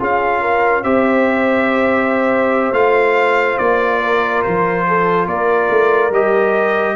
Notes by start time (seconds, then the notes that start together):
0.00 C#4 F4 G#4 F5
0.42 A#4
0.84 C4 G4 C5 E5
2.72 A3 F4 F5
3.58 A#3 D5
4.01 A#4
4.43 F3 C5
4.88 A4
5.27 A#3 A#4 D5
5.70 A3
6.11 G3 G4 D#5